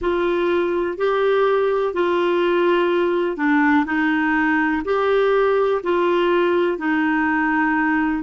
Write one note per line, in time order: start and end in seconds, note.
0.00 0.97 F4
0.97 1.93 G4
1.93 3.37 F4
3.37 3.85 D4
3.85 4.82 D#4
4.84 5.81 G4
5.83 6.77 F4
6.77 8.23 D#4